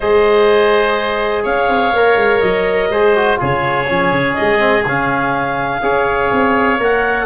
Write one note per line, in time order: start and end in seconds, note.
0.00 1.44 G#3
0.00 1.94 G#4
0.00 1.43 C5
0.00 1.44 D#5
1.43 1.68 C#4
1.43 2.88 C#5
1.43 2.40 F5
1.68 1.92 C4
1.92 2.15 A#3
1.92 2.93 A#4
2.15 2.40 G#3
2.40 2.89 F#3
2.40 3.36 D#5
2.89 3.38 G#3
2.89 3.15 G#4
2.89 3.39 C5
3.15 3.37 F#4
3.37 3.89 C#3
3.37 3.85 F4
3.37 5.81 G#4
3.37 4.34 C#5
3.87 4.11 F3
3.87 4.58 C#4
4.11 4.36 C#3
4.34 4.85 G#3
4.34 4.82 D#5
4.58 4.82 C4
4.85 5.82 C#3
4.85 5.81 C#4
4.85 6.81 F5
5.81 6.30 C#4
5.81 6.78 G#4
5.81 7.26 C#5
6.31 6.79 C4
6.78 7.26 A#3
6.78 7.26 A#4
6.78 7.26 F#5